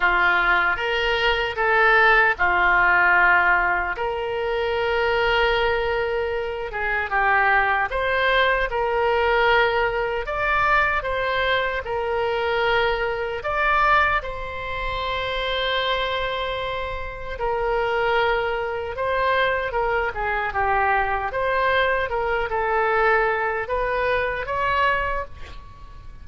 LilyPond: \new Staff \with { instrumentName = "oboe" } { \time 4/4 \tempo 4 = 76 f'4 ais'4 a'4 f'4~ | f'4 ais'2.~ | ais'8 gis'8 g'4 c''4 ais'4~ | ais'4 d''4 c''4 ais'4~ |
ais'4 d''4 c''2~ | c''2 ais'2 | c''4 ais'8 gis'8 g'4 c''4 | ais'8 a'4. b'4 cis''4 | }